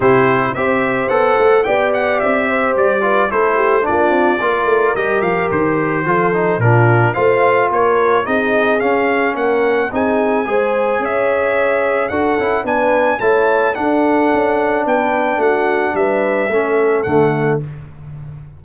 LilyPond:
<<
  \new Staff \with { instrumentName = "trumpet" } { \time 4/4 \tempo 4 = 109 c''4 e''4 fis''4 g''8 fis''8 | e''4 d''4 c''4 d''4~ | d''4 dis''8 f''8 c''2 | ais'4 f''4 cis''4 dis''4 |
f''4 fis''4 gis''2 | e''2 fis''4 gis''4 | a''4 fis''2 g''4 | fis''4 e''2 fis''4 | }
  \new Staff \with { instrumentName = "horn" } { \time 4/4 g'4 c''2 d''4~ | d''8 c''4 b'8 a'8 g'8 f'4 | ais'2. a'4 | f'4 c''4 ais'4 gis'4~ |
gis'4 ais'4 gis'4 c''4 | cis''2 a'4 b'4 | cis''4 a'2 b'4 | fis'4 b'4 a'2 | }
  \new Staff \with { instrumentName = "trombone" } { \time 4/4 e'4 g'4 a'4 g'4~ | g'4. f'8 e'4 d'4 | f'4 g'2 f'8 dis'8 | d'4 f'2 dis'4 |
cis'2 dis'4 gis'4~ | gis'2 fis'8 e'8 d'4 | e'4 d'2.~ | d'2 cis'4 a4 | }
  \new Staff \with { instrumentName = "tuba" } { \time 4/4 c4 c'4 b8 a8 b4 | c'4 g4 a4 ais8 c'8 | ais8 a8 g8 f8 dis4 f4 | ais,4 a4 ais4 c'4 |
cis'4 ais4 c'4 gis4 | cis'2 d'8 cis'8 b4 | a4 d'4 cis'4 b4 | a4 g4 a4 d4 | }
>>